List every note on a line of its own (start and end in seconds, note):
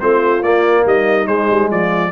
0.00 0.41 A3
0.00 0.43 C4
0.00 0.84 F4
0.00 0.43 C5
0.41 0.84 A#3
0.41 1.26 A#3
0.41 0.85 D5
0.84 1.28 G3
0.84 1.69 D#4
0.84 1.27 D#5
1.26 2.11 G#3
1.26 1.49 G#3
1.26 1.69 C5
1.50 1.70 G3
1.70 2.12 F3
1.70 2.12 F4
1.70 2.12 D5